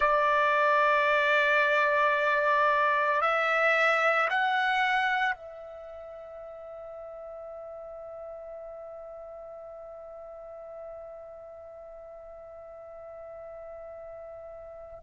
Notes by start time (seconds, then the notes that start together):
0.00 D5
3.21 E5
4.29 F#5
5.35 E5